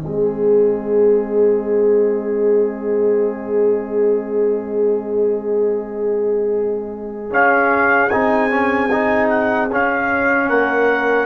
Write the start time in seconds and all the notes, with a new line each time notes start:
0.00 G#3 C4 G#4 D#5
7.32 C#4 F5
8.10 C4 D#4 G#5
8.51 C#4
8.92 D#4
9.29 F#5
9.71 C#4 F5
10.49 A#3 A#4 F#5